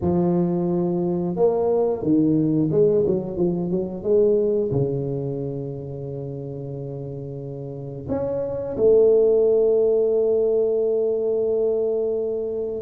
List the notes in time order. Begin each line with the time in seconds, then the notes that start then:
0.01 F3
1.36 A#3
2.02 D#3
2.71 G#3
3.06 F#3
3.36 F3
3.70 F#3
4.03 G#3
4.71 C#3
8.09 C#4
8.77 A3